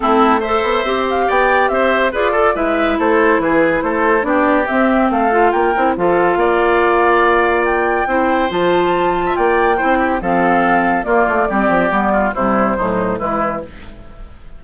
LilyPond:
<<
  \new Staff \with { instrumentName = "flute" } { \time 4/4 \tempo 4 = 141 a'4 e''4. f''8 g''4 | e''4 d''4 e''4 c''4 | b'4 c''4 d''4 e''4 | f''4 g''4 f''2~ |
f''2 g''2 | a''2 g''2 | f''2 d''2~ | d''4 c''2 b'4 | }
  \new Staff \with { instrumentName = "oboe" } { \time 4/4 e'4 c''2 d''4 | c''4 b'8 a'8 b'4 a'4 | gis'4 a'4 g'2 | a'4 ais'4 a'4 d''4~ |
d''2. c''4~ | c''4.~ c''16 e''16 d''4 c''8 g'8 | a'2 f'4 g'4~ | g'8 f'8 e'4 dis'4 e'4 | }
  \new Staff \with { instrumentName = "clarinet" } { \time 4/4 c'4 a'4 g'2~ | g'4 gis'8 a'8 e'2~ | e'2 d'4 c'4~ | c'8 f'4 e'8 f'2~ |
f'2. e'4 | f'2. e'4 | c'2 ais4 c'4 | b4 g4 fis4 gis4 | }
  \new Staff \with { instrumentName = "bassoon" } { \time 4/4 a4. b8 c'4 b4 | c'4 f'4 gis4 a4 | e4 a4 b4 c'4 | a4 ais8 c'8 f4 ais4~ |
ais2. c'4 | f2 ais4 c'4 | f2 ais8 a8 g8 f8 | g4 c4 a,4 e4 | }
>>